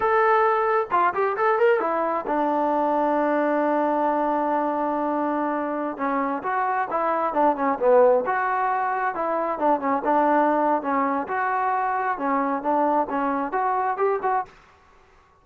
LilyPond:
\new Staff \with { instrumentName = "trombone" } { \time 4/4 \tempo 4 = 133 a'2 f'8 g'8 a'8 ais'8 | e'4 d'2.~ | d'1~ | d'4~ d'16 cis'4 fis'4 e'8.~ |
e'16 d'8 cis'8 b4 fis'4.~ fis'16~ | fis'16 e'4 d'8 cis'8 d'4.~ d'16 | cis'4 fis'2 cis'4 | d'4 cis'4 fis'4 g'8 fis'8 | }